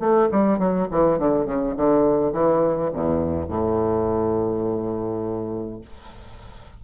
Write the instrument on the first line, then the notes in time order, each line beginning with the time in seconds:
bassoon
0.00 A3
0.32 G3
0.59 F#3
0.91 E3
1.19 D3
1.46 C#3
1.77 D3
2.33 E3
2.93 E2
3.48 A2